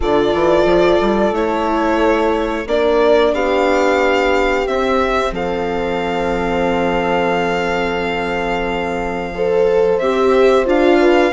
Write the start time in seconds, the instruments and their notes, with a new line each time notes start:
0.00 bassoon D3, viola F4, horn A4, violin D5
0.33 bassoon E3
0.65 bassoon F3
1.00 bassoon G3
1.32 bassoon A3, viola E4, violin C#5
2.66 bassoon A#3, viola D4, horn A#4, violin D5
3.33 bassoon B3, horn G4, violin F5
4.65 viola C4, bassoon C4, violin E5
5.31 bassoon F3, horn A4, violin F5
9.34 viola A4, horn C5
9.98 bassoon C4, viola G4, violin E5
10.65 bassoon D4, viola F4, violin F5
10.99 horn B4